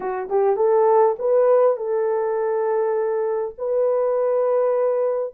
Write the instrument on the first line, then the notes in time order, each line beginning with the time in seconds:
horn
0.00 F#4
0.29 G4
0.56 A4
1.19 B4
1.76 A4
3.58 B4